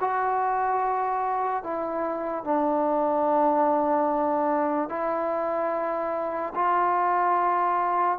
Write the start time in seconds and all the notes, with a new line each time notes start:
0.00 F#4
1.63 E4
2.44 D4
4.89 E4
6.55 F4